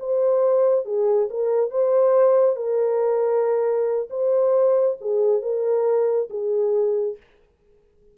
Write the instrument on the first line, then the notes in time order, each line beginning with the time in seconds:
horn
0.00 C5
0.86 G#4
1.30 A#4
1.71 C5
2.56 A#4
4.10 C5
5.01 G#4
5.42 A#4
6.30 G#4